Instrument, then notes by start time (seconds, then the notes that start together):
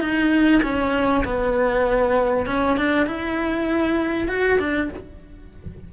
cello
0.00 D#4
0.62 C#4
1.24 B3
2.46 C#4
2.77 D4
3.06 E4
4.28 F#4
4.59 D4